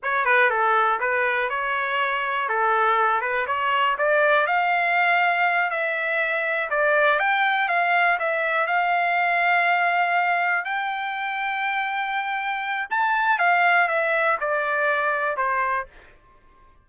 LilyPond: \new Staff \with { instrumentName = "trumpet" } { \time 4/4 \tempo 4 = 121 cis''8 b'8 a'4 b'4 cis''4~ | cis''4 a'4. b'8 cis''4 | d''4 f''2~ f''8 e''8~ | e''4. d''4 g''4 f''8~ |
f''8 e''4 f''2~ f''8~ | f''4. g''2~ g''8~ | g''2 a''4 f''4 | e''4 d''2 c''4 | }